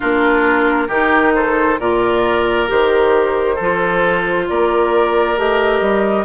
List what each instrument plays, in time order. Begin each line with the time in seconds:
0.00 bassoon A#3, clarinet D4, oboe F4, flute A#4
0.87 bassoon D#3, clarinet D#4, oboe G4
1.34 oboe A4, flute C5
1.79 bassoon A#2, clarinet F4, oboe A#4, flute D5
2.66 bassoon D#3, clarinet G4, flute C5
3.55 bassoon F3, clarinet F4, oboe A4
4.48 bassoon A#3, oboe A#4, flute D5
5.36 bassoon A3, clarinet G4, flute D#5
5.81 bassoon G3